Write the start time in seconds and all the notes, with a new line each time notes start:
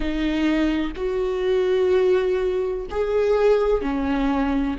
0.00 D#4
0.95 F#4
2.90 G#4
3.81 C#4